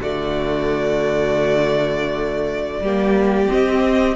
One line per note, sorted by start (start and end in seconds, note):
0.00 2.81 D3
0.00 2.85 A3
0.00 2.82 F#4
0.00 3.51 D5
2.81 3.47 G3
2.81 3.48 A#3
2.81 4.16 G4
3.48 4.14 C4
3.48 4.16 C4
3.48 4.16 D#5